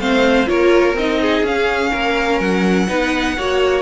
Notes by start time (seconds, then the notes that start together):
0.00 A3 C4 C5 F5
0.46 A#3 F4 A#4 C#5
0.94 C4 D#4 D#5
1.22 G#4
1.43 C#4 F5
1.91 A#3 A#4
2.40 F#3 F#5
2.88 B3 D#4 B4
3.37 A#3 F#4 C#5